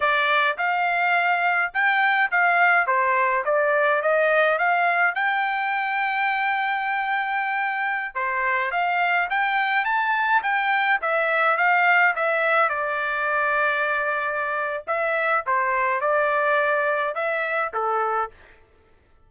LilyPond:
\new Staff \with { instrumentName = "trumpet" } { \time 4/4 \tempo 4 = 105 d''4 f''2 g''4 | f''4 c''4 d''4 dis''4 | f''4 g''2.~ | g''2~ g''16 c''4 f''8.~ |
f''16 g''4 a''4 g''4 e''8.~ | e''16 f''4 e''4 d''4.~ d''16~ | d''2 e''4 c''4 | d''2 e''4 a'4 | }